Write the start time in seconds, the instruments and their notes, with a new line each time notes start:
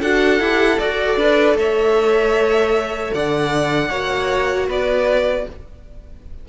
0.00 cello D4, viola F#4, violin A4 F#5
0.40 cello E4, viola G4
0.79 cello F#4, viola A4, violin D5
1.17 cello D4, violin B4
1.55 cello A3, violin C#5 E5
3.14 cello D3, violin D5 F#5
3.90 cello A#3, viola F#4, violin C#5
4.68 cello B3, violin B4 D5